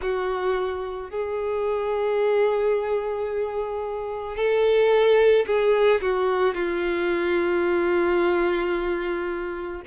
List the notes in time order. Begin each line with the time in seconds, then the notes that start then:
0.01 F#4
1.10 G#4
4.36 A4
5.46 G#4
6.00 F#4
6.54 F4